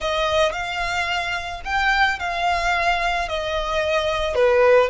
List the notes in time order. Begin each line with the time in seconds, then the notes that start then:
0.00 D#5
0.52 F5
1.65 G5
2.19 F5
3.28 D#5
4.35 B4